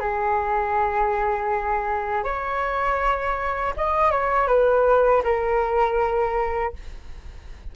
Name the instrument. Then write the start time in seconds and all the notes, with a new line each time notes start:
flute
0.00 G#4
2.24 C#5
3.77 D#5
4.11 C#5
4.48 B4
5.24 A#4